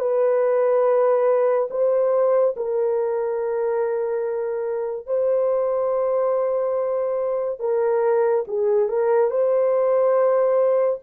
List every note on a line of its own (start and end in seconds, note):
0.00 1.69 B4
1.71 2.55 C5
2.57 5.07 A#4
5.07 7.60 C5
7.60 8.45 A#4
8.48 8.89 G#4
8.89 9.31 A#4
9.31 11.00 C5